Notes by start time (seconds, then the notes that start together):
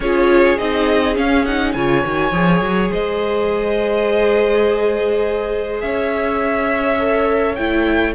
0.00 C#4 F4 G#4 C#5
0.58 C4 D#4 D#5
1.15 C#4 F5
1.45 D#4 F#5
1.72 C#3 F4 C#5 G#5
2.05 D#3 F#4
2.32 F3 G#4
2.60 F#3
2.91 G#3 C5 D#5
5.80 C#4 C#5 E5
6.98 A4
7.55 A3 E4 G5